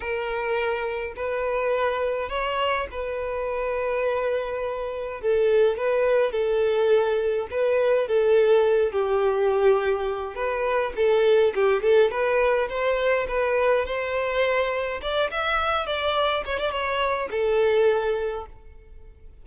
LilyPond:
\new Staff \with { instrumentName = "violin" } { \time 4/4 \tempo 4 = 104 ais'2 b'2 | cis''4 b'2.~ | b'4 a'4 b'4 a'4~ | a'4 b'4 a'4. g'8~ |
g'2 b'4 a'4 | g'8 a'8 b'4 c''4 b'4 | c''2 d''8 e''4 d''8~ | d''8 cis''16 d''16 cis''4 a'2 | }